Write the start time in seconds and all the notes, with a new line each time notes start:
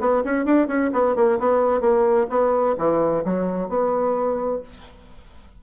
0.00 B3
0.24 C#4
0.45 D4
0.68 C#4
0.93 B3
1.15 A#3
1.39 B3
1.81 A#3
2.29 B3
2.78 E3
3.25 F#3
3.69 B3